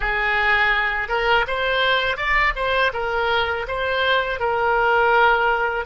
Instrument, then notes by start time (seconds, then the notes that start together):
oboe
0.00 G#4
1.08 A#4
1.47 C5
2.16 D5
2.55 C5
2.93 A#4
3.67 C5
4.39 A#4